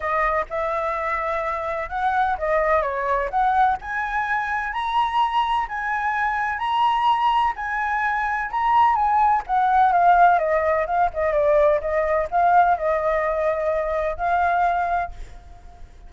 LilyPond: \new Staff \with { instrumentName = "flute" } { \time 4/4 \tempo 4 = 127 dis''4 e''2. | fis''4 dis''4 cis''4 fis''4 | gis''2 ais''2 | gis''2 ais''2 |
gis''2 ais''4 gis''4 | fis''4 f''4 dis''4 f''8 dis''8 | d''4 dis''4 f''4 dis''4~ | dis''2 f''2 | }